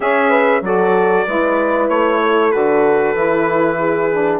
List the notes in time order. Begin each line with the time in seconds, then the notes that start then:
0.00 C#4 G#4 C#5 E5
0.29 B4
0.61 F#3 F#4 A4 D5
1.27 G#3 E4 B4
1.88 A3 C#5
2.22 A4
2.51 D3 F#4 B4
3.14 E3 E4
3.78 G#4
4.11 D4